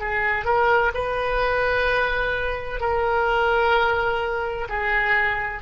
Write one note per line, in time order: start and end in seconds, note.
0.00 0.45 G#4
0.45 0.92 A#4
0.94 2.80 B4
2.80 4.68 A#4
4.69 5.62 G#4